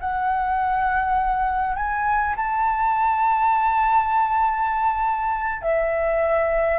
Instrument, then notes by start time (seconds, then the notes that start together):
flute
0.00 F#5
1.76 G#5
2.36 A5
5.62 E5